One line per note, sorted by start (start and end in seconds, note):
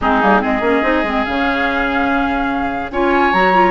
0.01 0.22 G#3
0.01 0.21 C4
0.01 0.41 D#4
0.01 0.43 G#4
0.21 0.43 G3
0.21 0.39 A#3
0.39 0.60 G#3
0.39 0.60 C4
0.39 2.91 G#4
0.39 1.24 D#5
0.60 0.81 A#3
0.60 0.82 C#4
0.82 1.03 C4
0.82 1.03 D#4
1.03 1.24 G#3
1.03 1.26 C4
1.24 2.91 C#3
1.24 2.92 C#4
1.24 2.91 F5
2.91 3.33 C#4
2.91 3.33 F4
2.91 3.71 C#5
2.91 3.33 G#5
3.33 3.71 F#3
3.33 3.53 F#4
3.33 3.71 A#5
3.53 3.71 F4